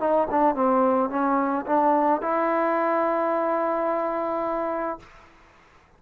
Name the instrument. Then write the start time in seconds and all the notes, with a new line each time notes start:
trombone
0.00 D#4
0.31 D4
0.55 C4
1.10 C#4
1.66 D4
2.21 E4